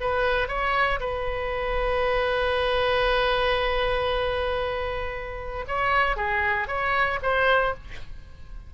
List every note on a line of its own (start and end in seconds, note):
0.00 0.47 B4
0.47 0.99 C#5
0.99 5.65 B4
5.68 6.16 C#5
6.16 6.67 G#4
6.67 7.19 C#5
7.22 7.74 C5